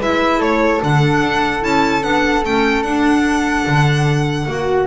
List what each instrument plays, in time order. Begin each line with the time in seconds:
0.00 double bass G#3, clarinet E4, flute B4, violin E5
0.39 double bass A3, flute A4, violin C#5
0.82 double bass D3, clarinet D4, violin F#5
1.23 double bass D4
1.61 double bass C#4, clarinet E4, violin A5
2.04 double bass B3, clarinet D4, violin F#5
2.45 double bass A3, clarinet C#4, violin G5
2.83 double bass D4, clarinet D4, violin F#5
3.67 double bass D3
4.47 double bass A#3, flute F#4, clarinet F#4